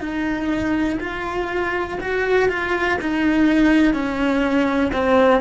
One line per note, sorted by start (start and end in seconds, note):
0.00 0.98 D#4
1.00 1.98 F4
2.00 2.48 F#4
2.48 2.97 F4
3.00 3.93 D#4
3.93 4.91 C#4
4.92 5.41 C4